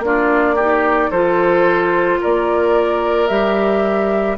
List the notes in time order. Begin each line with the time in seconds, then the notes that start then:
0.00 A#3 D4 F4 D5
0.56 D#4 G4
1.11 F3 F4 A4 C5
2.21 A#3 A#4 D5
3.28 G3 G4 E5